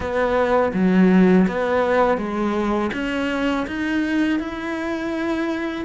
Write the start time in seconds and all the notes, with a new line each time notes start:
0.00 B3
0.73 F#3
1.47 B3
2.17 G#3
2.93 C#4
3.67 D#4
4.39 E4